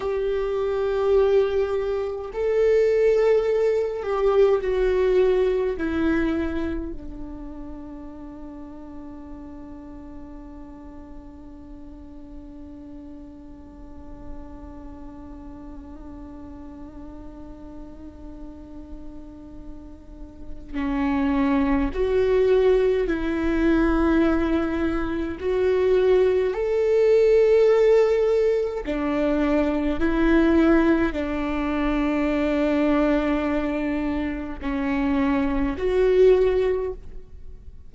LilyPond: \new Staff \with { instrumentName = "viola" } { \time 4/4 \tempo 4 = 52 g'2 a'4. g'8 | fis'4 e'4 d'2~ | d'1~ | d'1~ |
d'2 cis'4 fis'4 | e'2 fis'4 a'4~ | a'4 d'4 e'4 d'4~ | d'2 cis'4 fis'4 | }